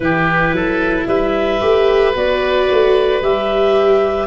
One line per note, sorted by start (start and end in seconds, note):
0.00 0.52 E3
0.00 1.60 E4
0.00 0.55 G4
0.00 1.06 B4
0.52 1.06 F#3
0.52 1.08 A4
1.06 1.60 G3
1.06 4.27 B4
1.06 2.13 E5
1.60 2.15 A3
1.60 2.14 G4
2.15 2.69 B3
2.15 3.22 F#4
2.15 3.22 D5
2.71 3.21 A3
3.21 4.27 G3
3.21 4.27 G4
3.21 4.27 E5